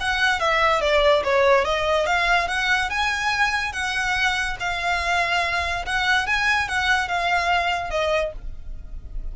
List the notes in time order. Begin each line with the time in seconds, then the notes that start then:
0.00 F#5
0.40 E5
0.81 D5
1.24 C#5
1.64 D#5
2.06 F5
2.48 F#5
2.90 G#5
3.72 F#5
4.59 F5
5.86 F#5
6.27 G#5
6.68 F#5
7.08 F5
7.90 D#5